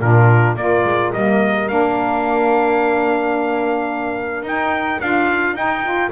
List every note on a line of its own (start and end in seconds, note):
0.00 0.56 A#2
0.00 0.58 D4
0.00 0.56 F4
0.00 0.57 A#4
0.56 0.84 A#3
0.56 1.14 F4
0.56 6.11 A#4
0.56 1.13 D5
0.85 1.12 G#3
1.13 1.70 G3
1.13 1.69 A#3
1.13 1.69 D#5
1.69 4.43 A#3
1.69 4.45 D4
1.69 4.47 F5
4.43 4.98 D#4
4.43 5.01 D#4
4.43 5.01 G5
5.01 5.54 D4
5.01 5.55 F4
5.01 5.56 F5
5.54 6.10 D#4
5.54 5.83 D#4
5.54 6.12 G5
5.84 6.11 F4